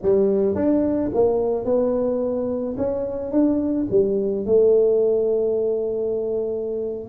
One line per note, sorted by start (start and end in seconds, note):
0.02 0.55 G3
0.55 1.10 D4
1.14 1.64 A#3
1.64 2.76 B3
2.77 3.31 C#4
3.31 3.87 D4
3.90 4.45 G3
4.45 7.09 A3